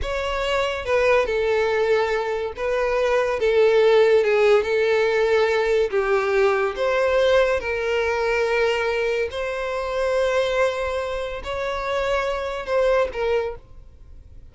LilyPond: \new Staff \with { instrumentName = "violin" } { \time 4/4 \tempo 4 = 142 cis''2 b'4 a'4~ | a'2 b'2 | a'2 gis'4 a'4~ | a'2 g'2 |
c''2 ais'2~ | ais'2 c''2~ | c''2. cis''4~ | cis''2 c''4 ais'4 | }